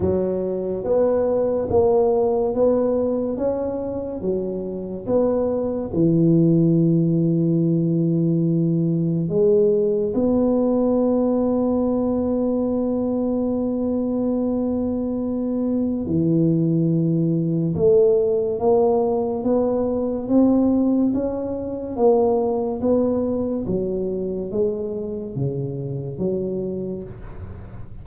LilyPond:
\new Staff \with { instrumentName = "tuba" } { \time 4/4 \tempo 4 = 71 fis4 b4 ais4 b4 | cis'4 fis4 b4 e4~ | e2. gis4 | b1~ |
b2. e4~ | e4 a4 ais4 b4 | c'4 cis'4 ais4 b4 | fis4 gis4 cis4 fis4 | }